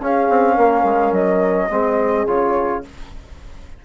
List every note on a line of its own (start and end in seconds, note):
0.00 0.28 C#4
0.00 1.71 C#4
0.00 0.55 G#4
0.00 1.14 F5
0.30 0.58 C4
0.55 0.84 A#3
0.55 1.68 A#4
0.84 1.12 G#3
1.12 1.69 F#3
1.12 2.27 D#5
1.71 2.26 G#3
1.71 2.27 C4
1.71 2.85 G#4
2.26 2.83 C#3
2.26 2.84 F4
2.26 2.84 C#5